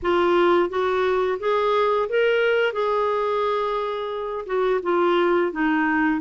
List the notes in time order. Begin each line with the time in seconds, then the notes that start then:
0.02 F4
0.69 F#4
1.39 G#4
2.09 A#4
2.72 G#4
4.46 F#4
4.82 F4
5.52 D#4